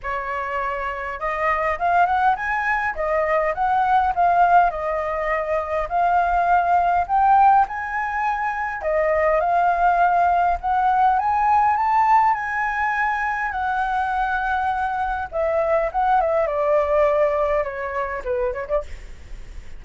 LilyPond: \new Staff \with { instrumentName = "flute" } { \time 4/4 \tempo 4 = 102 cis''2 dis''4 f''8 fis''8 | gis''4 dis''4 fis''4 f''4 | dis''2 f''2 | g''4 gis''2 dis''4 |
f''2 fis''4 gis''4 | a''4 gis''2 fis''4~ | fis''2 e''4 fis''8 e''8 | d''2 cis''4 b'8 cis''16 d''16 | }